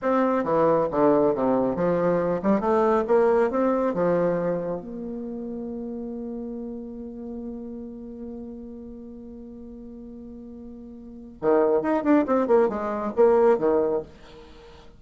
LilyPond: \new Staff \with { instrumentName = "bassoon" } { \time 4/4 \tempo 4 = 137 c'4 e4 d4 c4 | f4. g8 a4 ais4 | c'4 f2 ais4~ | ais1~ |
ais1~ | ais1~ | ais2 dis4 dis'8 d'8 | c'8 ais8 gis4 ais4 dis4 | }